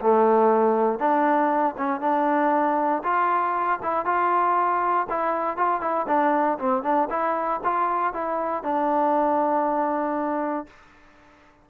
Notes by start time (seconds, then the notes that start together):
0.00 A3
0.98 D4
1.77 C#4
2.00 D4
3.03 F4
3.82 E4
4.05 F4
5.09 E4
5.57 F4
5.81 E4
6.07 D4
6.58 C4
6.83 D4
7.10 E4
7.63 F4
8.13 E4
8.63 D4